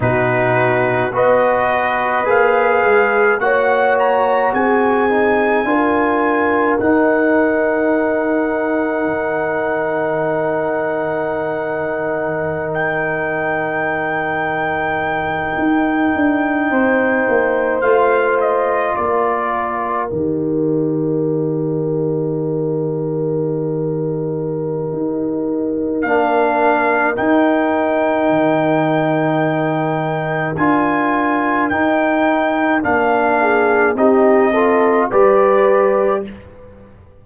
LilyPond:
<<
  \new Staff \with { instrumentName = "trumpet" } { \time 4/4 \tempo 4 = 53 b'4 dis''4 f''4 fis''8 ais''8 | gis''2 fis''2~ | fis''2.~ fis''16 g''8.~ | g''2.~ g''8. f''16~ |
f''16 dis''8 d''4 dis''2~ dis''16~ | dis''2. f''4 | g''2. gis''4 | g''4 f''4 dis''4 d''4 | }
  \new Staff \with { instrumentName = "horn" } { \time 4/4 fis'4 b'2 cis''4 | gis'4 ais'2.~ | ais'1~ | ais'2~ ais'8. c''4~ c''16~ |
c''8. ais'2.~ ais'16~ | ais'1~ | ais'1~ | ais'4. gis'8 g'8 a'8 b'4 | }
  \new Staff \with { instrumentName = "trombone" } { \time 4/4 dis'4 fis'4 gis'4 fis'4~ | fis'8 dis'8 f'4 dis'2~ | dis'1~ | dis'2.~ dis'8. f'16~ |
f'4.~ f'16 g'2~ g'16~ | g'2. d'4 | dis'2. f'4 | dis'4 d'4 dis'8 f'8 g'4 | }
  \new Staff \with { instrumentName = "tuba" } { \time 4/4 b,4 b4 ais8 gis8 ais4 | c'4 d'4 dis'2 | dis1~ | dis4.~ dis16 dis'8 d'8 c'8 ais8 a16~ |
a8. ais4 dis2~ dis16~ | dis2 dis'4 ais4 | dis'4 dis2 d'4 | dis'4 ais4 c'4 g4 | }
>>